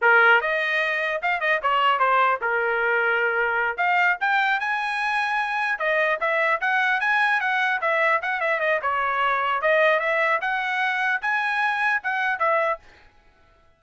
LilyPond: \new Staff \with { instrumentName = "trumpet" } { \time 4/4 \tempo 4 = 150 ais'4 dis''2 f''8 dis''8 | cis''4 c''4 ais'2~ | ais'4. f''4 g''4 gis''8~ | gis''2~ gis''8 dis''4 e''8~ |
e''8 fis''4 gis''4 fis''4 e''8~ | e''8 fis''8 e''8 dis''8 cis''2 | dis''4 e''4 fis''2 | gis''2 fis''4 e''4 | }